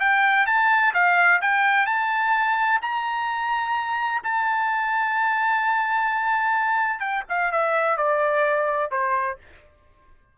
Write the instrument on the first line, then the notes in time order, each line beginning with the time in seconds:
trumpet
0.00 G5
0.47 A5
0.94 F5
1.42 G5
1.86 A5
2.82 A#5
4.24 A5
7.00 G5
7.29 F5
7.52 E5
7.98 D5
8.91 C5